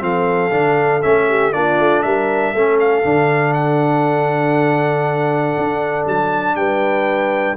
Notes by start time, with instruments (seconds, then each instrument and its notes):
0.00 tuba F3, trombone C4, horn A4, trumpet F5
0.51 tuba D3, trombone D4
1.02 tuba A3, trombone C#4, trumpet E5
1.29 horn G4
1.53 tuba A#3, trombone D4, horn F4, trumpet D5
1.80 tuba A3
2.03 tuba G3, horn A#4, trumpet E5
2.53 tuba A3, trombone C#4, horn A4
2.80 trumpet F5
3.04 tuba D3, trombone D4
3.54 trumpet F#5
5.58 tuba D4
6.06 tuba F#3, trumpet A5
6.56 tuba G3, horn B4, trumpet G5